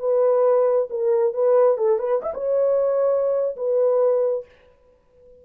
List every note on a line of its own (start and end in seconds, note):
0.00 0.89 B4
0.90 1.34 A#4
1.34 1.78 B4
1.78 1.99 A4
1.99 2.21 B4
2.22 2.34 E5
2.34 3.57 C#5
3.57 4.46 B4